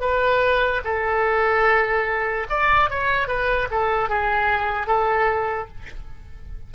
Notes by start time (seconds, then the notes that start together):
0.00 B4
0.84 A4
2.50 D5
2.90 C#5
3.27 B4
3.70 A4
4.09 G#4
4.87 A4